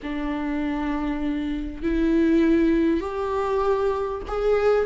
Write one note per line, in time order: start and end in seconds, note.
0.02 1.82 D4
1.82 3.00 E4
3.00 4.21 G4
4.27 4.86 G#4